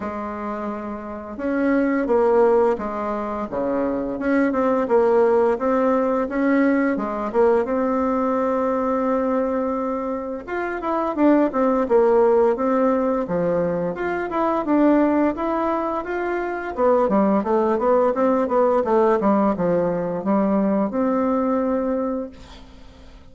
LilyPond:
\new Staff \with { instrumentName = "bassoon" } { \time 4/4 \tempo 4 = 86 gis2 cis'4 ais4 | gis4 cis4 cis'8 c'8 ais4 | c'4 cis'4 gis8 ais8 c'4~ | c'2. f'8 e'8 |
d'8 c'8 ais4 c'4 f4 | f'8 e'8 d'4 e'4 f'4 | b8 g8 a8 b8 c'8 b8 a8 g8 | f4 g4 c'2 | }